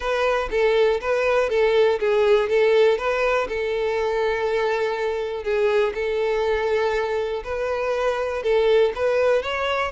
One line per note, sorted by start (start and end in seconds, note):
0.00 0.49 B4
0.50 1.00 A4
1.00 1.49 B4
1.49 1.99 A4
1.99 2.49 G#4
2.49 2.98 A4
2.98 3.47 B4
3.48 5.43 A4
5.43 5.93 G#4
5.94 7.43 A4
7.44 8.42 B4
8.42 8.92 A4
8.95 9.42 B4
9.42 9.91 C#5